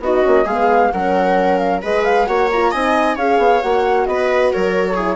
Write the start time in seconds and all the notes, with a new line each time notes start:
0.00 B3 D#4 F#4 D#5
0.23 A#3 C#4
0.45 G#3 B3 G#4 F5
0.92 F#3 C#4 A#4 F#5
1.59 F5
1.82 G#3 G#4 B4 D#5
2.05 F5
2.27 A#3 F#4 C#5 F#5
2.52 F4 A#5
2.71 C4 D#4 D#5 G#5
3.16 C#4 G#4 C#5 F5
3.39 B3
3.62 A#3 F#4 F#5
4.07 B3 B4 D#5
4.53 F#3 A#4 C#5
4.95 E4 G#4